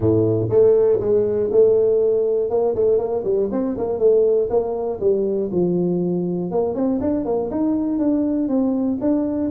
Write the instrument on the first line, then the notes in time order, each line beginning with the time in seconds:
tuba
0.00 A2
0.49 A3
1.00 G#3
1.51 A3
2.50 A#3
2.75 A3
2.98 A#3
3.24 G3
3.51 C4
3.77 A#3
3.98 A3
4.49 A#3
5.00 G3
5.51 F3
6.51 A#3
6.74 C4
7.00 D4
7.25 A#3
7.50 D#4
7.98 D4
8.48 C4
9.00 D4